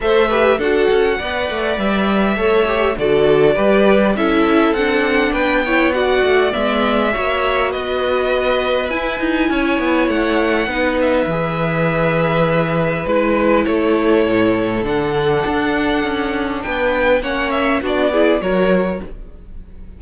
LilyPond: <<
  \new Staff \with { instrumentName = "violin" } { \time 4/4 \tempo 4 = 101 e''4 fis''2 e''4~ | e''4 d''2 e''4 | fis''4 g''4 fis''4 e''4~ | e''4 dis''2 gis''4~ |
gis''4 fis''4. e''4.~ | e''2 b'4 cis''4~ | cis''4 fis''2. | g''4 fis''8 e''8 d''4 cis''4 | }
  \new Staff \with { instrumentName = "violin" } { \time 4/4 c''8 b'8 a'4 d''2 | cis''4 a'4 b'4 a'4~ | a'4 b'8 cis''8 d''2 | cis''4 b'2. |
cis''2 b'2~ | b'2. a'4~ | a'1 | b'4 cis''4 fis'8 gis'8 ais'4 | }
  \new Staff \with { instrumentName = "viola" } { \time 4/4 a'8 g'8 fis'4 b'2 | a'8 g'8 fis'4 g'4 e'4 | d'4. e'8 fis'4 b4 | fis'2. e'4~ |
e'2 dis'4 gis'4~ | gis'2 e'2~ | e'4 d'2.~ | d'4 cis'4 d'8 e'8 fis'4 | }
  \new Staff \with { instrumentName = "cello" } { \time 4/4 a4 d'8 cis'8 b8 a8 g4 | a4 d4 g4 cis'4 | c'4 b4. a8 gis4 | ais4 b2 e'8 dis'8 |
cis'8 b8 a4 b4 e4~ | e2 gis4 a4 | a,4 d4 d'4 cis'4 | b4 ais4 b4 fis4 | }
>>